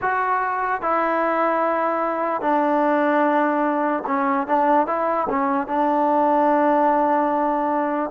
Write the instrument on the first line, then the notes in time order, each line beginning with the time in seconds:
trombone
0.01 F#4
0.81 E4
2.41 D4
4.06 C#4
4.47 D4
4.86 E4
5.29 C#4
5.67 D4